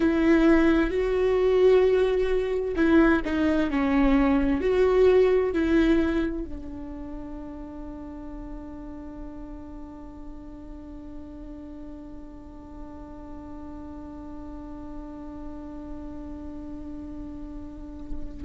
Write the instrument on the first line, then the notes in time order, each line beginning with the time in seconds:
viola
0.00 E4
0.90 F#4
2.76 E4
3.24 D#4
3.70 C#4
4.61 F#4
5.52 E4
6.44 D4